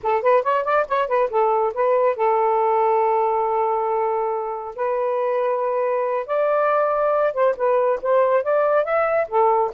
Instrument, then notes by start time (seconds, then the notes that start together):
saxophone
0.02 A4
0.21 B4
0.42 C#5
0.64 D5
0.88 C#5
1.08 B4
1.29 A4
1.73 B4
2.16 A4
4.75 B4
6.26 D5
7.33 C5
7.56 B4
8.01 C5
8.43 D5
8.84 E5
9.27 A4